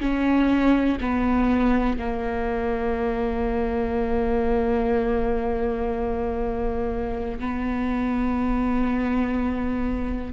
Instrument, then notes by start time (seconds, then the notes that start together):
viola
0.00 C#4
1.01 B3
1.98 A#3
7.39 B3